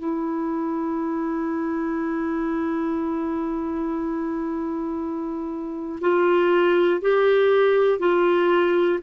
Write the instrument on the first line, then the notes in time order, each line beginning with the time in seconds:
clarinet
0.00 E4
6.01 F4
7.02 G4
8.00 F4